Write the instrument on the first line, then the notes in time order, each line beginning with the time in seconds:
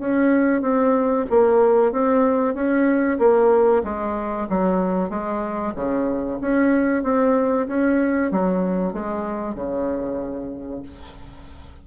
bassoon
0.00 C#4
0.62 C4
1.30 A#3
1.92 C4
2.54 C#4
3.19 A#3
3.84 G#3
4.49 F#3
5.10 G#3
5.75 C#3
6.41 C#4
7.04 C4
7.68 C#4
8.32 F#3
8.93 G#3
9.55 C#3